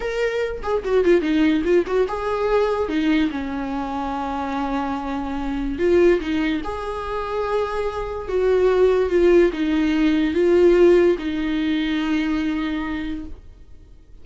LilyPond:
\new Staff \with { instrumentName = "viola" } { \time 4/4 \tempo 4 = 145 ais'4. gis'8 fis'8 f'8 dis'4 | f'8 fis'8 gis'2 dis'4 | cis'1~ | cis'2 f'4 dis'4 |
gis'1 | fis'2 f'4 dis'4~ | dis'4 f'2 dis'4~ | dis'1 | }